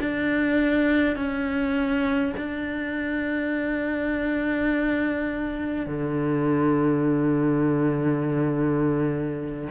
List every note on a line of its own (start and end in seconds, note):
0.00 1.16 D4
1.16 2.33 C#4
2.37 5.86 D4
5.86 9.68 D3